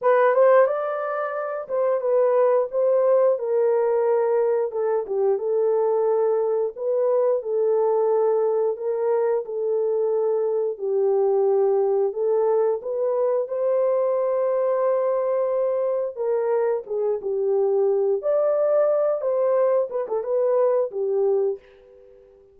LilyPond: \new Staff \with { instrumentName = "horn" } { \time 4/4 \tempo 4 = 89 b'8 c''8 d''4. c''8 b'4 | c''4 ais'2 a'8 g'8 | a'2 b'4 a'4~ | a'4 ais'4 a'2 |
g'2 a'4 b'4 | c''1 | ais'4 gis'8 g'4. d''4~ | d''8 c''4 b'16 a'16 b'4 g'4 | }